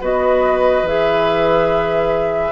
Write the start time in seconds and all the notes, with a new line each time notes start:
0.00 B3 F#4 B4 D#5
0.82 E3 G#4 E5